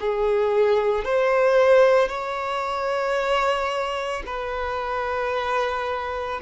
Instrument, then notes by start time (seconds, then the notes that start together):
violin
0.00 G#4
1.04 C5
2.08 C#5
4.26 B4